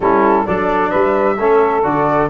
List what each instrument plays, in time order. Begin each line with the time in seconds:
0.00 tuba G3, trombone C#4, saxophone E4, flute A4
0.45 tuba F#3, trombone D4, saxophone A4, flute D5
0.89 tuba G3, saxophone B4, flute E5
1.38 tuba A3, trombone C#4, saxophone A4
1.83 tuba D3, trombone F#4, flute D5